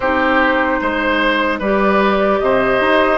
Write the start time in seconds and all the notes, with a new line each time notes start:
0.00 C4 D#4 G4 C5
0.81 G#3 C5
1.59 G3 G4 B4 D5
2.39 C3 C5 D#5
2.81 D#4